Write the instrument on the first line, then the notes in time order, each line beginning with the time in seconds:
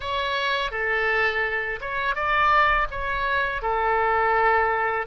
oboe
0.00 C#5
0.71 A4
1.80 C#5
2.15 D5
2.90 C#5
3.61 A4